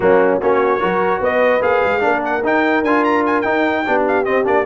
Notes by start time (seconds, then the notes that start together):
0.00 F#3 A#3 C#4 F#4
0.40 A#3 C#4 F#4 C#5
0.79 F#3 F#4 A#4
1.19 B3 B4 D#5
1.61 A#3 G#4 F5
1.83 G#3
2.00 A#3 D4 A#4
2.24 F#5
2.42 D#4 G5
2.82 D4 F4 G#5
3.04 A#5
3.26 G#5
3.41 D#4 G5
3.86 B3 D4 G4
4.07 F5
4.25 C4 D#5
4.43 A#3 D4 D5